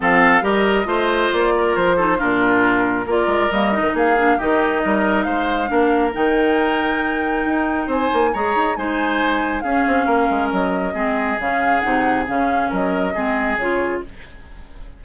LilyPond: <<
  \new Staff \with { instrumentName = "flute" } { \time 4/4 \tempo 4 = 137 f''4 dis''2 d''4 | c''4 ais'2 d''4 | dis''4 f''4 dis''2 | f''2 g''2~ |
g''2 gis''4 ais''4 | gis''2 f''2 | dis''2 f''4 fis''4 | f''4 dis''2 cis''4 | }
  \new Staff \with { instrumentName = "oboe" } { \time 4/4 a'4 ais'4 c''4. ais'8~ | ais'8 a'8 f'2 ais'4~ | ais'4 gis'4 g'4 ais'4 | c''4 ais'2.~ |
ais'2 c''4 cis''4 | c''2 gis'4 ais'4~ | ais'4 gis'2.~ | gis'4 ais'4 gis'2 | }
  \new Staff \with { instrumentName = "clarinet" } { \time 4/4 c'4 g'4 f'2~ | f'8 dis'8 d'2 f'4 | ais8 dis'4 d'8 dis'2~ | dis'4 d'4 dis'2~ |
dis'2. gis'4 | dis'2 cis'2~ | cis'4 c'4 cis'4 dis'4 | cis'2 c'4 f'4 | }
  \new Staff \with { instrumentName = "bassoon" } { \time 4/4 f4 g4 a4 ais4 | f4 ais,2 ais8 gis8 | g8. dis16 ais4 dis4 g4 | gis4 ais4 dis2~ |
dis4 dis'4 c'8 ais8 gis8 dis'8 | gis2 cis'8 c'8 ais8 gis8 | fis4 gis4 cis4 c4 | cis4 fis4 gis4 cis4 | }
>>